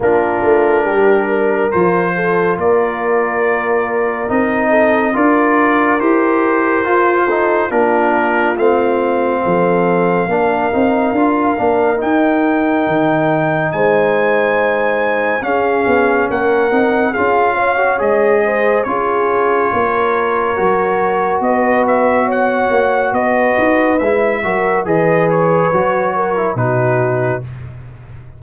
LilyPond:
<<
  \new Staff \with { instrumentName = "trumpet" } { \time 4/4 \tempo 4 = 70 ais'2 c''4 d''4~ | d''4 dis''4 d''4 c''4~ | c''4 ais'4 f''2~ | f''2 g''2 |
gis''2 f''4 fis''4 | f''4 dis''4 cis''2~ | cis''4 dis''8 e''8 fis''4 dis''4 | e''4 dis''8 cis''4. b'4 | }
  \new Staff \with { instrumentName = "horn" } { \time 4/4 f'4 g'8 ais'4 a'8 ais'4~ | ais'4. a'8 ais'2~ | ais'8 a'8 f'2 a'4 | ais'1 |
c''2 gis'4 ais'4 | gis'8 cis''4 c''8 gis'4 ais'4~ | ais'4 b'4 cis''4 b'4~ | b'8 ais'8 b'4. ais'8 fis'4 | }
  \new Staff \with { instrumentName = "trombone" } { \time 4/4 d'2 f'2~ | f'4 dis'4 f'4 g'4 | f'8 dis'8 d'4 c'2 | d'8 dis'8 f'8 d'8 dis'2~ |
dis'2 cis'4. dis'8 | f'8. fis'16 gis'4 f'2 | fis'1 | e'8 fis'8 gis'4 fis'8. e'16 dis'4 | }
  \new Staff \with { instrumentName = "tuba" } { \time 4/4 ais8 a8 g4 f4 ais4~ | ais4 c'4 d'4 e'4 | f'4 ais4 a4 f4 | ais8 c'8 d'8 ais8 dis'4 dis4 |
gis2 cis'8 b8 ais8 c'8 | cis'4 gis4 cis'4 ais4 | fis4 b4. ais8 b8 dis'8 | gis8 fis8 e4 fis4 b,4 | }
>>